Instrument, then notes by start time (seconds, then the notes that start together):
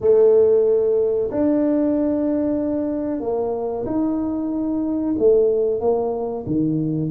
tuba
0.00 A3
1.30 D4
3.20 A#3
3.86 D#4
5.18 A3
5.80 A#3
6.46 D#3